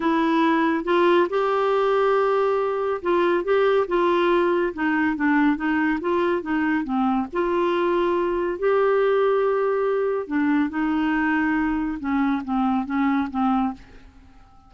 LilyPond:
\new Staff \with { instrumentName = "clarinet" } { \time 4/4 \tempo 4 = 140 e'2 f'4 g'4~ | g'2. f'4 | g'4 f'2 dis'4 | d'4 dis'4 f'4 dis'4 |
c'4 f'2. | g'1 | d'4 dis'2. | cis'4 c'4 cis'4 c'4 | }